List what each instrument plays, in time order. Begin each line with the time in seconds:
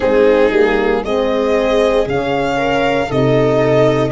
0.00 tuba G#3, horn C4, viola D#4, violin G#4
0.50 tuba G3, horn A#3
1.04 tuba G#3, horn C4, viola G#4, violin D#5
2.06 tuba C#3, horn C#4, violin F5
2.56 viola A#4
3.08 tuba C3, horn D#4, viola A4, violin D#5